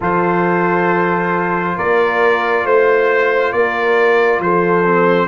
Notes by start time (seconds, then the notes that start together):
0.00 F3 F4 A4 C5
1.76 A#3 A#4 D5
2.64 A3 C5
3.52 A#3 A#4 D5
4.39 F3 A4 C5
4.84 C4